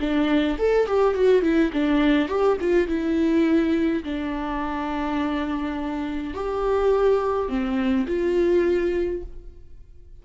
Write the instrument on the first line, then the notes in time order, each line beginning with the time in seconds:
viola
0.00 D4
0.59 A4
0.87 G4
1.15 F#4
1.43 E4
1.73 D4
2.29 G4
2.61 F4
2.88 E4
4.04 D4
6.34 G4
7.49 C4
8.07 F4